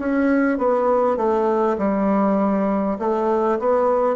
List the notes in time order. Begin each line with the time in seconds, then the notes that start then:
0.00 C#4
0.58 B3
1.17 A3
1.79 G3
2.99 A3
3.60 B3